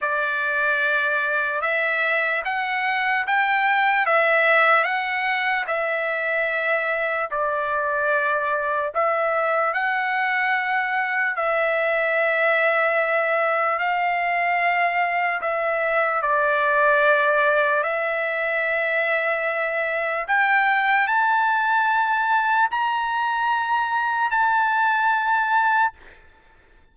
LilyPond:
\new Staff \with { instrumentName = "trumpet" } { \time 4/4 \tempo 4 = 74 d''2 e''4 fis''4 | g''4 e''4 fis''4 e''4~ | e''4 d''2 e''4 | fis''2 e''2~ |
e''4 f''2 e''4 | d''2 e''2~ | e''4 g''4 a''2 | ais''2 a''2 | }